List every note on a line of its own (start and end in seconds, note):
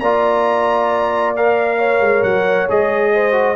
0.00 2.01 A#3
0.00 1.37 F4
0.00 1.78 D5
0.00 1.33 A#5
1.36 2.68 A#4
1.36 2.23 F5
1.78 3.11 C#5
2.01 2.23 G#3
2.23 2.68 F#3
2.23 2.67 F#5
2.68 3.56 G#3
2.68 3.32 G#4
2.68 3.56 D#5
3.14 3.56 C5
3.32 3.54 F#4